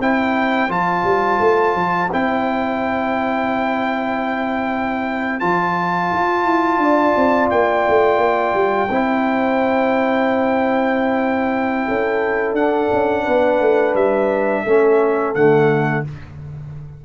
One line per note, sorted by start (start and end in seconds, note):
0.00 0.69 C4
0.00 0.69 E4
0.00 6.81 C5
0.00 0.71 G5
0.69 1.04 F3
0.69 2.09 F4
0.69 2.11 A5
1.04 1.39 G3
1.40 1.75 A3
1.75 2.09 F3
2.12 5.42 C4
2.12 5.41 E4
2.12 5.40 G5
5.40 6.12 F3
5.40 8.89 F4
5.40 7.49 A5
6.12 6.45 F4
6.45 6.78 E4
6.78 7.13 D4
6.78 8.91 D5
7.16 7.51 C4
7.50 7.87 A#3
7.50 12.56 G5
7.89 8.18 A3
8.18 8.53 A#3
8.54 8.89 G3
8.90 11.86 C4
8.90 12.58 E4
8.90 11.87 C5
11.87 12.53 C#4
11.87 13.24 A4
12.53 12.88 D4
12.53 14.67 D4
12.53 13.95 F#5
12.92 13.27 C#4
13.24 13.61 B3
13.24 14.63 B4
13.61 13.95 A3
13.95 14.65 G3
13.95 15.35 E5
14.64 15.35 A3
14.64 15.35 C#4
14.64 16.03 A4
15.35 16.05 D3
15.35 16.05 A3
15.35 16.05 F#5